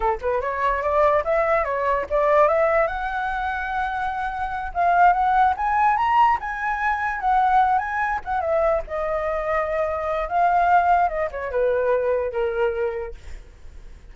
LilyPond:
\new Staff \with { instrumentName = "flute" } { \time 4/4 \tempo 4 = 146 a'8 b'8 cis''4 d''4 e''4 | cis''4 d''4 e''4 fis''4~ | fis''2.~ fis''8 f''8~ | f''8 fis''4 gis''4 ais''4 gis''8~ |
gis''4. fis''4. gis''4 | fis''8 e''4 dis''2~ dis''8~ | dis''4 f''2 dis''8 cis''8 | b'2 ais'2 | }